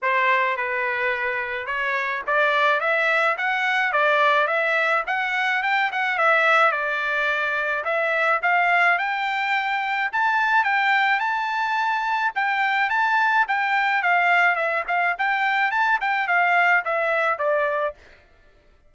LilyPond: \new Staff \with { instrumentName = "trumpet" } { \time 4/4 \tempo 4 = 107 c''4 b'2 cis''4 | d''4 e''4 fis''4 d''4 | e''4 fis''4 g''8 fis''8 e''4 | d''2 e''4 f''4 |
g''2 a''4 g''4 | a''2 g''4 a''4 | g''4 f''4 e''8 f''8 g''4 | a''8 g''8 f''4 e''4 d''4 | }